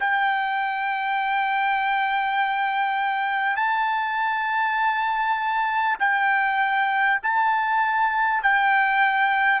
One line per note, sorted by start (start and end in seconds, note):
0.00 3.56 G5
3.56 5.96 A5
5.99 7.19 G5
7.22 8.42 A5
8.43 9.60 G5